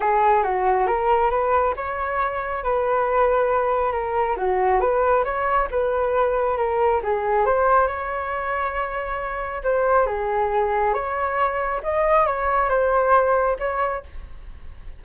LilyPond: \new Staff \with { instrumentName = "flute" } { \time 4/4 \tempo 4 = 137 gis'4 fis'4 ais'4 b'4 | cis''2 b'2~ | b'4 ais'4 fis'4 b'4 | cis''4 b'2 ais'4 |
gis'4 c''4 cis''2~ | cis''2 c''4 gis'4~ | gis'4 cis''2 dis''4 | cis''4 c''2 cis''4 | }